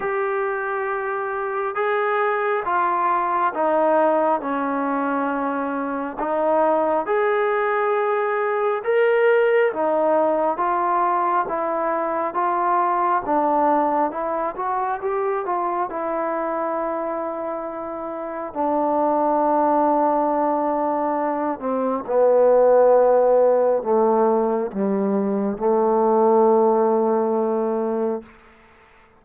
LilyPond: \new Staff \with { instrumentName = "trombone" } { \time 4/4 \tempo 4 = 68 g'2 gis'4 f'4 | dis'4 cis'2 dis'4 | gis'2 ais'4 dis'4 | f'4 e'4 f'4 d'4 |
e'8 fis'8 g'8 f'8 e'2~ | e'4 d'2.~ | d'8 c'8 b2 a4 | g4 a2. | }